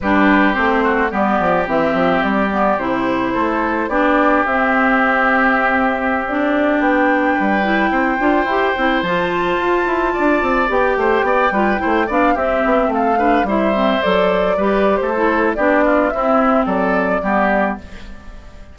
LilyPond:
<<
  \new Staff \with { instrumentName = "flute" } { \time 4/4 \tempo 4 = 108 b'4 c''4 d''4 e''4 | d''4 c''2 d''4 | e''2.~ e''16 d''8.~ | d''16 g''2.~ g''8.~ |
g''16 a''2. g''8.~ | g''4.~ g''16 f''8 e''4 f''8.~ | f''16 e''4 d''4.~ d''16 c''4 | d''4 e''4 d''2 | }
  \new Staff \with { instrumentName = "oboe" } { \time 4/4 g'4. fis'8 g'2~ | g'2 a'4 g'4~ | g'1~ | g'4~ g'16 b'4 c''4.~ c''16~ |
c''2~ c''16 d''4. c''16~ | c''16 d''8 b'8 c''8 d''8 g'4 a'8 b'16~ | b'16 c''2 b'8. a'4 | g'8 f'8 e'4 a'4 g'4 | }
  \new Staff \with { instrumentName = "clarinet" } { \time 4/4 d'4 c'4 b4 c'4~ | c'8 b8 e'2 d'4 | c'2.~ c'16 d'8.~ | d'4.~ d'16 e'4 f'8 g'8 e'16~ |
e'16 f'2. g'8.~ | g'8. f'8 e'8 d'8 c'4. d'16~ | d'16 e'8 c'8 a'4 g'4 e'8. | d'4 c'2 b4 | }
  \new Staff \with { instrumentName = "bassoon" } { \time 4/4 g4 a4 g8 f8 e8 f8 | g4 c4 a4 b4 | c'1~ | c'16 b4 g4 c'8 d'8 e'8 c'16~ |
c'16 f4 f'8 e'8 d'8 c'8 b8 a16~ | a16 b8 g8 a8 b8 c'8 b8 a8.~ | a16 g4 fis4 g8. a4 | b4 c'4 fis4 g4 | }
>>